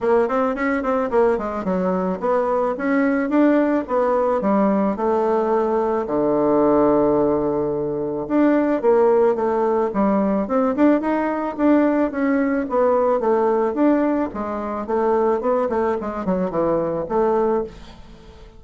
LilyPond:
\new Staff \with { instrumentName = "bassoon" } { \time 4/4 \tempo 4 = 109 ais8 c'8 cis'8 c'8 ais8 gis8 fis4 | b4 cis'4 d'4 b4 | g4 a2 d4~ | d2. d'4 |
ais4 a4 g4 c'8 d'8 | dis'4 d'4 cis'4 b4 | a4 d'4 gis4 a4 | b8 a8 gis8 fis8 e4 a4 | }